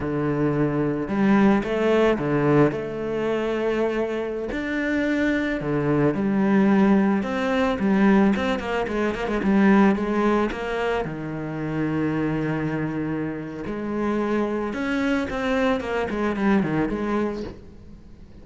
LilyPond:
\new Staff \with { instrumentName = "cello" } { \time 4/4 \tempo 4 = 110 d2 g4 a4 | d4 a2.~ | a16 d'2 d4 g8.~ | g4~ g16 c'4 g4 c'8 ais16~ |
ais16 gis8 ais16 gis16 g4 gis4 ais8.~ | ais16 dis2.~ dis8.~ | dis4 gis2 cis'4 | c'4 ais8 gis8 g8 dis8 gis4 | }